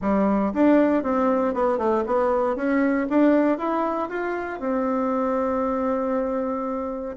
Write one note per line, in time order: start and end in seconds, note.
0.01 0.53 G3
0.53 1.03 D4
1.03 1.54 C4
1.54 1.78 B3
1.78 2.03 A3
2.06 2.56 B3
2.56 3.07 C#4
3.09 3.58 D4
3.58 4.09 E4
4.09 4.59 F4
4.59 7.16 C4